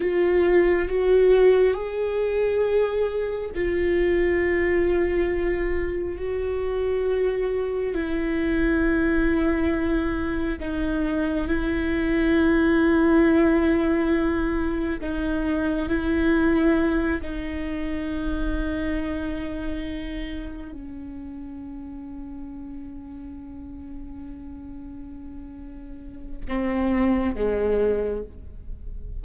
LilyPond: \new Staff \with { instrumentName = "viola" } { \time 4/4 \tempo 4 = 68 f'4 fis'4 gis'2 | f'2. fis'4~ | fis'4 e'2. | dis'4 e'2.~ |
e'4 dis'4 e'4. dis'8~ | dis'2.~ dis'8 cis'8~ | cis'1~ | cis'2 c'4 gis4 | }